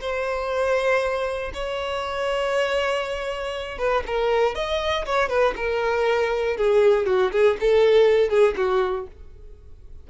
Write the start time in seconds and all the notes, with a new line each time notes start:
0.00 C5
1.53 C#5
3.78 B4
4.06 A#4
4.54 D#5
5.05 C#5
5.29 B4
5.56 A#4
6.57 G#4
7.06 F#4
7.31 G#4
7.60 A4
8.29 G#4
8.56 F#4